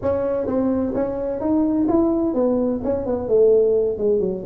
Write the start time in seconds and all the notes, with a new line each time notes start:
0.01 C#4
0.46 C4
0.94 C#4
1.40 D#4
1.88 E4
2.34 B3
2.84 C#4
3.06 B3
3.28 A3
3.98 G#3
4.20 F#3